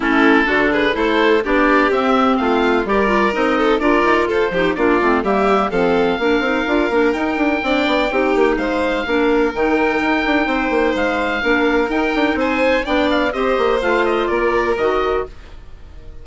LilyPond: <<
  \new Staff \with { instrumentName = "oboe" } { \time 4/4 \tempo 4 = 126 a'4. b'8 c''4 d''4 | e''4 f''4 d''4 dis''4 | d''4 c''4 d''4 e''4 | f''2. g''4~ |
g''2 f''2 | g''2. f''4~ | f''4 g''4 gis''4 g''8 f''8 | dis''4 f''8 dis''8 d''4 dis''4 | }
  \new Staff \with { instrumentName = "violin" } { \time 4/4 e'4 fis'8 gis'8 a'4 g'4~ | g'4 f'4 ais'4. a'8 | ais'4 a'8 g'8 f'4 g'4 | a'4 ais'2. |
d''4 g'4 c''4 ais'4~ | ais'2 c''2 | ais'2 c''4 d''4 | c''2 ais'2 | }
  \new Staff \with { instrumentName = "clarinet" } { \time 4/4 cis'4 d'4 e'4 d'4 | c'2 g'8 f'8 dis'4 | f'4. dis'8 d'8 c'8 ais4 | c'4 d'8 dis'8 f'8 d'8 dis'4 |
d'4 dis'2 d'4 | dis'1 | d'4 dis'2 d'4 | g'4 f'2 fis'4 | }
  \new Staff \with { instrumentName = "bassoon" } { \time 4/4 a4 d4 a4 b4 | c'4 a4 g4 c'4 | d'8 dis'8 f'8 f8 ais8 a8 g4 | f4 ais8 c'8 d'8 ais8 dis'8 d'8 |
c'8 b8 c'8 ais8 gis4 ais4 | dis4 dis'8 d'8 c'8 ais8 gis4 | ais4 dis'8 d'8 c'4 b4 | c'8 ais8 a4 ais4 dis4 | }
>>